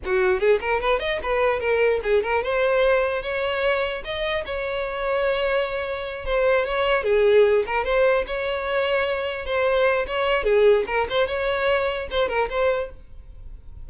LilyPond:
\new Staff \with { instrumentName = "violin" } { \time 4/4 \tempo 4 = 149 fis'4 gis'8 ais'8 b'8 dis''8 b'4 | ais'4 gis'8 ais'8 c''2 | cis''2 dis''4 cis''4~ | cis''2.~ cis''8 c''8~ |
c''8 cis''4 gis'4. ais'8 c''8~ | c''8 cis''2. c''8~ | c''4 cis''4 gis'4 ais'8 c''8 | cis''2 c''8 ais'8 c''4 | }